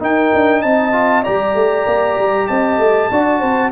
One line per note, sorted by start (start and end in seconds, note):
0.00 0.93 D#4
0.00 0.32 D#4
0.00 0.63 A#4
0.00 0.62 G5
0.34 0.64 D4
0.62 1.26 C4
0.62 1.24 D#5
0.62 1.24 A5
0.93 1.24 F4
1.24 1.55 G3
1.24 3.11 G4
1.24 2.47 D5
1.24 2.48 A#5
1.55 1.86 A3
1.87 2.18 A#3
2.18 2.49 G3
2.48 2.79 C4
2.48 3.10 D#5
2.48 3.72 A5
2.79 3.10 A3
3.11 3.42 D4
3.11 3.72 F#4
3.11 3.40 D5
3.40 3.72 C4
3.40 3.71 C5